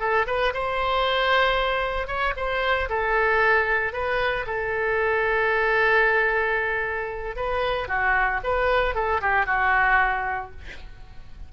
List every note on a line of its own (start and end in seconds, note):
0.00 0.26 A4
0.27 0.53 B4
0.54 2.07 C5
2.07 2.34 C#5
2.37 2.89 C5
2.89 3.93 A4
3.93 4.46 B4
4.47 7.36 A4
7.36 7.88 B4
7.88 8.41 F#4
8.44 8.95 B4
8.95 9.21 A4
9.21 9.46 G4
9.46 10.51 F#4